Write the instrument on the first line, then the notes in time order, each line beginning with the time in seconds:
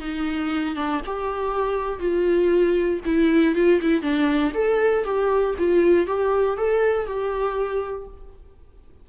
viola
0.00 D#4
0.76 D4
1.06 G4
2.00 F4
3.05 E4
3.55 F4
3.81 E4
4.02 D4
4.54 A4
5.04 G4
5.59 F4
6.07 G4
6.57 A4
7.06 G4